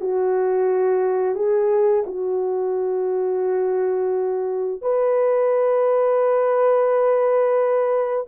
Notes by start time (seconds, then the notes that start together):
0.00 F#4
1.35 G#4
2.06 F#4
4.81 B4